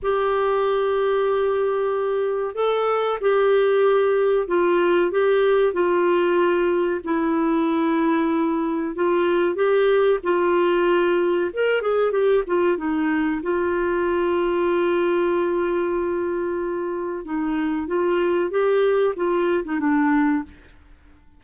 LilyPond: \new Staff \with { instrumentName = "clarinet" } { \time 4/4 \tempo 4 = 94 g'1 | a'4 g'2 f'4 | g'4 f'2 e'4~ | e'2 f'4 g'4 |
f'2 ais'8 gis'8 g'8 f'8 | dis'4 f'2.~ | f'2. dis'4 | f'4 g'4 f'8. dis'16 d'4 | }